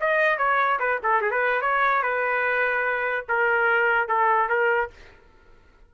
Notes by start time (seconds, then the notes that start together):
0.00 D#5
0.38 C#5
0.79 B4
1.03 A4
1.21 G#4
1.31 B4
1.61 C#5
2.02 B4
3.28 A#4
4.08 A4
4.49 A#4